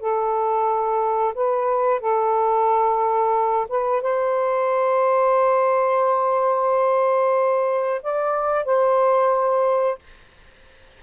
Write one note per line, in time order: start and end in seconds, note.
0.00 1.33 A4
1.34 2.00 B4
2.00 3.67 A4
3.68 4.02 B4
4.02 8.02 C5
8.02 8.65 D5
8.65 9.98 C5